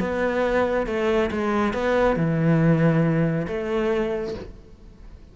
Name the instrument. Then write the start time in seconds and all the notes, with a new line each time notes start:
cello
0.00 B3
0.87 A3
1.31 G#3
1.73 B3
2.16 E3
3.48 A3